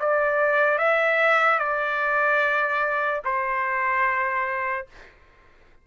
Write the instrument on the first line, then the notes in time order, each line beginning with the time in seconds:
trumpet
0.00 D5
0.78 E5
1.59 D5
3.25 C5